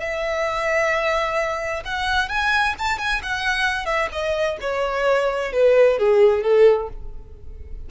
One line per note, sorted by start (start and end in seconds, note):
0.00 1.83 E5
1.85 2.29 F#5
2.29 2.75 G#5
2.79 2.99 A5
2.99 3.21 G#5
3.23 3.86 F#5
3.86 4.09 E5
4.12 4.58 D#5
4.61 5.53 C#5
5.53 5.99 B4
5.99 6.43 G#4
6.43 6.89 A4